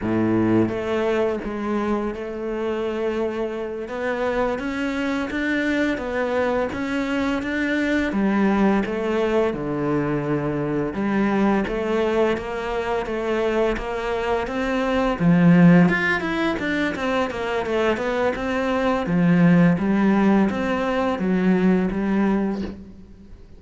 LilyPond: \new Staff \with { instrumentName = "cello" } { \time 4/4 \tempo 4 = 85 a,4 a4 gis4 a4~ | a4. b4 cis'4 d'8~ | d'8 b4 cis'4 d'4 g8~ | g8 a4 d2 g8~ |
g8 a4 ais4 a4 ais8~ | ais8 c'4 f4 f'8 e'8 d'8 | c'8 ais8 a8 b8 c'4 f4 | g4 c'4 fis4 g4 | }